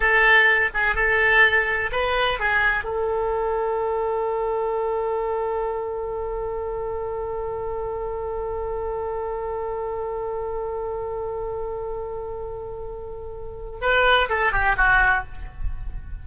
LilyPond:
\new Staff \with { instrumentName = "oboe" } { \time 4/4 \tempo 4 = 126 a'4. gis'8 a'2 | b'4 gis'4 a'2~ | a'1~ | a'1~ |
a'1~ | a'1~ | a'1~ | a'4 b'4 a'8 g'8 fis'4 | }